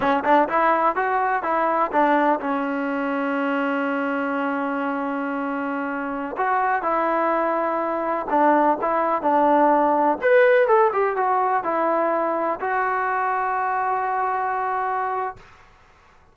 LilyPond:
\new Staff \with { instrumentName = "trombone" } { \time 4/4 \tempo 4 = 125 cis'8 d'8 e'4 fis'4 e'4 | d'4 cis'2.~ | cis'1~ | cis'4~ cis'16 fis'4 e'4.~ e'16~ |
e'4~ e'16 d'4 e'4 d'8.~ | d'4~ d'16 b'4 a'8 g'8 fis'8.~ | fis'16 e'2 fis'4.~ fis'16~ | fis'1 | }